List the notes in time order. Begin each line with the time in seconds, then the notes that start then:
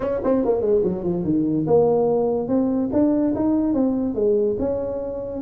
0.00 C#4
0.24 C4
0.45 A#3
0.61 G#3
0.83 F#3
1.03 F3
1.24 D#3
1.66 A#3
2.48 C4
2.92 D4
3.35 D#4
3.73 C4
4.14 G#3
4.59 C#4